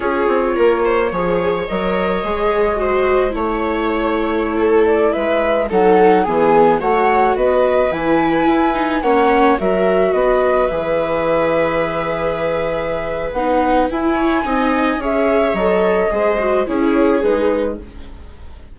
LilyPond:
<<
  \new Staff \with { instrumentName = "flute" } { \time 4/4 \tempo 4 = 108 cis''2. dis''4~ | dis''2 cis''2~ | cis''8. d''8 e''4 fis''4 gis''8.~ | gis''16 fis''4 dis''4 gis''4.~ gis''16~ |
gis''16 fis''4 e''4 dis''4 e''8.~ | e''1 | fis''4 gis''2 e''4 | dis''2 cis''4 b'4 | }
  \new Staff \with { instrumentName = "viola" } { \time 4/4 gis'4 ais'8 c''8 cis''2~ | cis''4 c''4 cis''2~ | cis''16 a'4 b'4 a'4 gis'8.~ | gis'16 cis''4 b'2~ b'8.~ |
b'16 cis''4 ais'4 b'4.~ b'16~ | b'1~ | b'4. cis''8 dis''4 cis''4~ | cis''4 c''4 gis'2 | }
  \new Staff \with { instrumentName = "viola" } { \time 4/4 f'2 gis'4 ais'4 | gis'4 fis'4 e'2~ | e'2~ e'16 dis'4 b8.~ | b16 fis'2 e'4. dis'16~ |
dis'16 cis'4 fis'2 gis'8.~ | gis'1 | dis'4 e'4 dis'4 gis'4 | a'4 gis'8 fis'8 e'4 dis'4 | }
  \new Staff \with { instrumentName = "bassoon" } { \time 4/4 cis'8 c'8 ais4 f4 fis4 | gis2 a2~ | a4~ a16 gis4 fis4 e8.~ | e16 a4 b4 e4 e'8.~ |
e'16 ais4 fis4 b4 e8.~ | e1 | b4 e'4 c'4 cis'4 | fis4 gis4 cis'4 gis4 | }
>>